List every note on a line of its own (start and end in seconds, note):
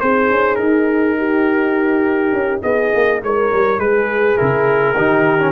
0.00 0.30 C4
0.00 4.36 D#4
0.00 1.17 G#4
0.00 0.55 C5
0.30 0.59 C#4
0.55 2.32 D#4
0.55 2.59 A#4
1.17 2.62 G4
2.32 2.62 C#4
2.62 2.93 B3
2.62 3.20 G#4
2.62 3.20 D#5
2.94 3.22 A#3
3.22 3.51 G#3
3.22 3.80 A#4
3.22 3.79 C#5
3.52 3.77 G3
3.77 4.35 G#3
3.77 4.95 G#4
3.77 4.37 B4
4.36 4.96 C#3
4.36 4.95 E4
4.36 5.52 A#4
4.95 5.52 D#3
4.95 5.39 D#4
4.95 5.52 G4
5.39 5.52 C#4